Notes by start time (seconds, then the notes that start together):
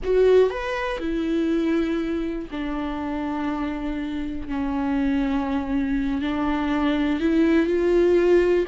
0.03 F#4
0.50 B4
0.99 E4
2.50 D4
4.48 C#4
6.21 D4
7.19 E4
7.66 F4